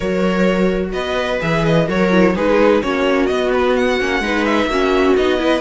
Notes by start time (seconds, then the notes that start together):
0.00 F#3 F#4 A#4 C#5
0.92 B3 B4 D#5
1.40 E3 G#4 E5
1.65 D#5
1.87 F#3 F#4 A#4 C#5
2.11 E4
2.35 G#3 D#4 G#4 B4
2.82 A#3 C#4 F#4 C#5
3.26 B3 D#5
3.53 B4
3.76 F#5
4.00 A#3 C#4
4.19 G#3 D#4 B4
4.45 E5
4.65 A#3 C#4 F#4
5.16 B3 D#4 D#5
5.37 E4 B4